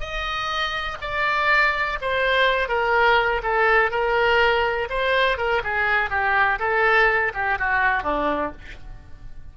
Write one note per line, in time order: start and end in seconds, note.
0.00 0.98 D#5
1.01 1.99 D5
2.01 2.69 C5
2.69 3.42 A#4
3.43 3.91 A4
3.91 4.88 A#4
4.90 5.38 C5
5.38 5.62 A#4
5.64 6.10 G#4
6.10 6.59 G4
6.59 7.32 A4
7.34 7.59 G4
7.59 8.03 F#4
8.03 8.52 D4